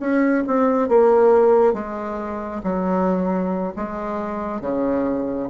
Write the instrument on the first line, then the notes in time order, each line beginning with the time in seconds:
bassoon
0.00 C#4
0.48 C4
0.89 A#3
1.74 G#3
2.64 F#3
3.77 G#3
4.62 C#3